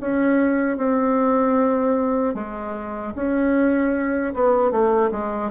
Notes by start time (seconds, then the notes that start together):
0.00 C#4
0.78 C4
2.35 G#3
3.15 C#4
4.34 B3
4.71 A3
5.11 G#3